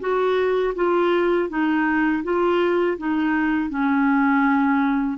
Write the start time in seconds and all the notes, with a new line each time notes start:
0.00 F#4
0.75 F4
1.49 D#4
2.24 F4
2.98 D#4
3.69 C#4